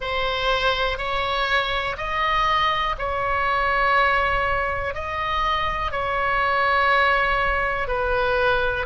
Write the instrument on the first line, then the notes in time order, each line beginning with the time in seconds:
oboe
0.00 C5
0.97 C#5
1.97 D#5
2.98 C#5
4.94 D#5
5.91 C#5
7.87 B4